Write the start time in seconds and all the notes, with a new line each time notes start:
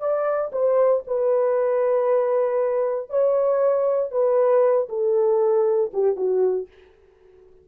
0.00 D5
0.52 C5
1.07 B4
3.10 C#5
4.12 B4
4.89 A4
5.94 G4
6.17 F#4